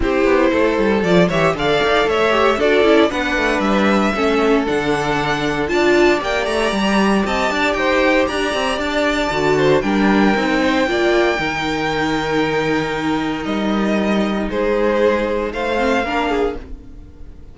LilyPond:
<<
  \new Staff \with { instrumentName = "violin" } { \time 4/4 \tempo 4 = 116 c''2 d''8 e''8 f''4 | e''4 d''4 fis''4 e''4~ | e''4 fis''2 a''4 | g''8 ais''4. a''4 g''4 |
ais''4 a''2 g''4~ | g''1~ | g''2 dis''2 | c''2 f''2 | }
  \new Staff \with { instrumentName = "violin" } { \time 4/4 g'4 a'4. cis''8 d''4 | cis''4 a'4 b'2 | a'2. d''4~ | d''2 dis''8 d''8 c''4 |
d''2~ d''8 c''8 ais'4~ | ais'8 c''8 d''4 ais'2~ | ais'1 | gis'2 c''4 ais'8 gis'8 | }
  \new Staff \with { instrumentName = "viola" } { \time 4/4 e'2 f'8 g'8 a'4~ | a'8 g'8 fis'8 e'8 d'2 | cis'4 d'2 f'4 | g'1~ |
g'2 fis'4 d'4 | dis'4 f'4 dis'2~ | dis'1~ | dis'2~ dis'8 c'8 d'4 | }
  \new Staff \with { instrumentName = "cello" } { \time 4/4 c'8 b8 a8 g8 f8 e8 d8 dis'8 | a4 d'8 cis'8 b8 a8 g4 | a4 d2 d'4 | ais8 a8 g4 c'8 d'8 dis'4 |
d'8 c'8 d'4 d4 g4 | c'4 ais4 dis2~ | dis2 g2 | gis2 a4 ais4 | }
>>